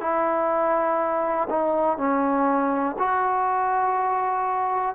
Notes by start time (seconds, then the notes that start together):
0.00 E4
1.49 D#4
1.98 C#4
2.98 F#4